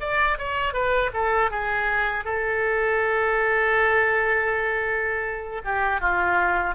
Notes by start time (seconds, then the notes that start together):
0.00 D5
0.38 C#5
0.73 B4
1.13 A4
1.50 G#4
2.24 A4
5.64 G4
6.00 F4